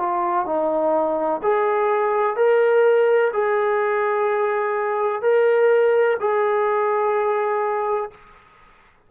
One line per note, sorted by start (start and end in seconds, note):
0.00 0.46 F4
0.46 1.42 D#4
1.43 2.37 G#4
2.37 3.32 A#4
3.33 5.23 G#4
5.23 6.18 A#4
6.20 8.11 G#4